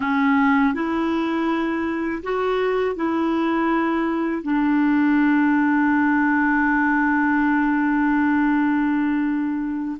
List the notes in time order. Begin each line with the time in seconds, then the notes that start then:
0.00 C#4
0.74 E4
2.23 F#4
2.95 E4
4.42 D4